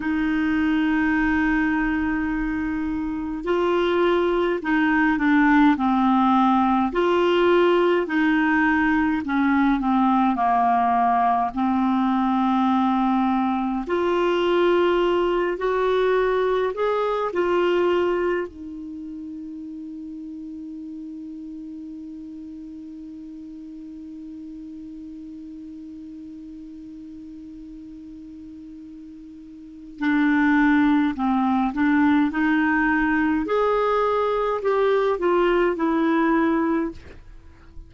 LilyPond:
\new Staff \with { instrumentName = "clarinet" } { \time 4/4 \tempo 4 = 52 dis'2. f'4 | dis'8 d'8 c'4 f'4 dis'4 | cis'8 c'8 ais4 c'2 | f'4. fis'4 gis'8 f'4 |
dis'1~ | dis'1~ | dis'2 d'4 c'8 d'8 | dis'4 gis'4 g'8 f'8 e'4 | }